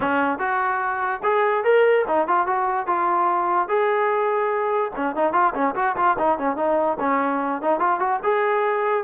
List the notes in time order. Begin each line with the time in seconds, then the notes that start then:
0.00 C#4
0.38 F#4
1.23 G#4
1.64 A#4
2.07 D#4
2.27 F4
2.46 F#4
2.87 F4
3.68 G#4
4.95 C#4
5.15 D#4
5.33 F4
5.54 C#4
5.75 F#4
5.96 F4
6.18 D#4
6.38 C#4
6.56 D#4
6.99 C#4
7.61 D#4
7.79 F4
7.99 F#4
8.23 G#4